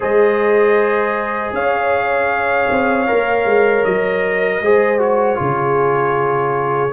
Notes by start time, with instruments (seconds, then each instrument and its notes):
0.00 tuba G#3, trombone G#4, horn C5, trumpet D#5
1.52 tuba C#4, horn C#5, trumpet F5
2.70 tuba C4
3.07 tuba A#3, trombone A#4
3.45 tuba G#3
3.84 tuba F#3, trumpet D#5
4.61 tuba G#3, trombone G#4, horn C5
4.98 trombone F#4, trumpet C#5
5.35 tuba C#3, trombone F4, horn G#4